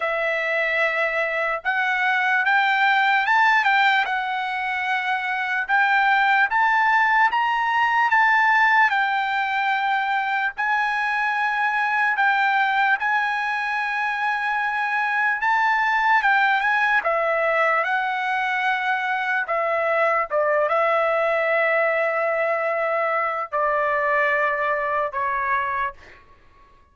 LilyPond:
\new Staff \with { instrumentName = "trumpet" } { \time 4/4 \tempo 4 = 74 e''2 fis''4 g''4 | a''8 g''8 fis''2 g''4 | a''4 ais''4 a''4 g''4~ | g''4 gis''2 g''4 |
gis''2. a''4 | g''8 gis''8 e''4 fis''2 | e''4 d''8 e''2~ e''8~ | e''4 d''2 cis''4 | }